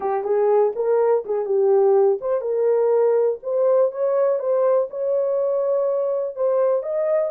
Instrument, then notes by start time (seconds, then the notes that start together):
horn
0.00 G4
0.24 G#4
0.75 A#4
1.25 G#4
1.45 G4
2.20 C5
2.41 A#4
3.42 C5
3.91 C#5
4.39 C5
4.89 C#5
6.35 C5
6.82 D#5